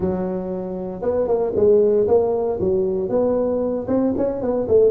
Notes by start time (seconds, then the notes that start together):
0.00 F#3
1.02 B3
1.27 A#3
1.55 G#3
2.07 A#3
2.60 F#3
3.09 B3
3.87 C4
4.17 C#4
4.41 B3
4.68 A3